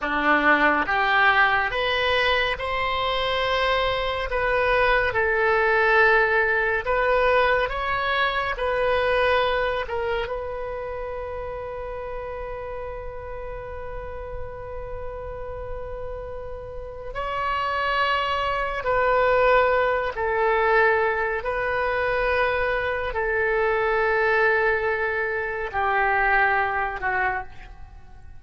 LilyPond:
\new Staff \with { instrumentName = "oboe" } { \time 4/4 \tempo 4 = 70 d'4 g'4 b'4 c''4~ | c''4 b'4 a'2 | b'4 cis''4 b'4. ais'8 | b'1~ |
b'1 | cis''2 b'4. a'8~ | a'4 b'2 a'4~ | a'2 g'4. fis'8 | }